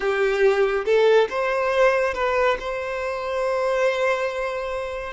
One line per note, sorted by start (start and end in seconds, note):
0.00 0.85 G4
0.85 1.28 A4
1.29 2.14 C5
2.14 2.57 B4
2.59 5.13 C5